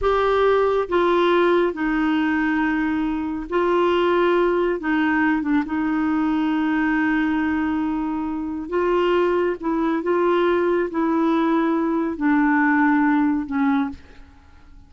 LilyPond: \new Staff \with { instrumentName = "clarinet" } { \time 4/4 \tempo 4 = 138 g'2 f'2 | dis'1 | f'2. dis'4~ | dis'8 d'8 dis'2.~ |
dis'1 | f'2 e'4 f'4~ | f'4 e'2. | d'2. cis'4 | }